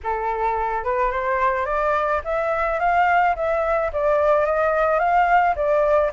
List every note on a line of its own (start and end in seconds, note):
0.03 0.84 A4
0.84 1.11 B4
1.11 1.65 C5
1.65 2.21 D5
2.24 2.79 E5
2.79 3.35 F5
3.35 3.91 E5
3.93 4.45 D5
4.45 4.99 D#5
4.99 5.55 F5
5.55 6.11 D5